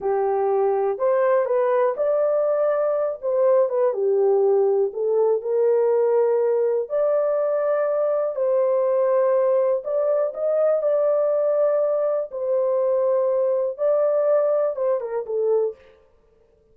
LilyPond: \new Staff \with { instrumentName = "horn" } { \time 4/4 \tempo 4 = 122 g'2 c''4 b'4 | d''2~ d''8 c''4 b'8 | g'2 a'4 ais'4~ | ais'2 d''2~ |
d''4 c''2. | d''4 dis''4 d''2~ | d''4 c''2. | d''2 c''8 ais'8 a'4 | }